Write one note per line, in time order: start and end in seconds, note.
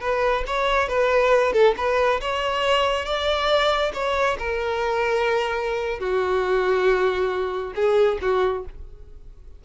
0.00 0.43 B4
0.46 0.88 C#5
0.88 1.53 B4
1.53 1.74 A4
1.76 2.20 B4
2.20 3.05 C#5
3.05 3.92 D5
3.93 4.37 C#5
4.38 5.99 A#4
5.99 7.73 F#4
7.75 8.18 G#4
8.21 8.65 F#4